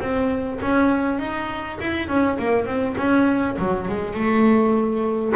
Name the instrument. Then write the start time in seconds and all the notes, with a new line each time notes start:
double bass
0.00 C4
0.61 C#4
1.19 D#4
1.80 E4
2.08 C#4
2.38 A#3
2.66 C4
2.97 C#4
3.58 F#3
3.88 G#3
4.14 A3